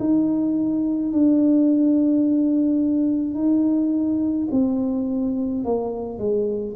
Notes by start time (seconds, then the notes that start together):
0.00 D#4
1.13 D4
3.35 D#4
4.52 C4
5.65 A#3
6.19 G#3